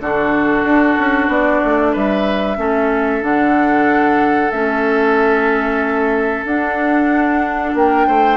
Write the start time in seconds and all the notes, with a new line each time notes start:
0.00 D3 D4 F#4 A4
0.64 D4
0.98 C#4
1.28 B3 D5
1.64 A3
1.92 G3 B4 E5
2.56 A3 C#4 A4
3.21 D3 D4 F#5
4.50 A3 C#4 E5
6.44 D4 F#5
7.74 A#3 A#4 G5
8.07 A3 C5